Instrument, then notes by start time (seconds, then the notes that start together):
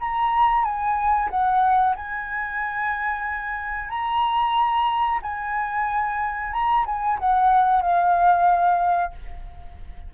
flute
0.00 A#5
0.64 G#5
1.30 F#5
1.96 G#5
3.89 A#5
5.22 G#5
6.52 A#5
6.86 G#5
7.19 F#5
7.82 F5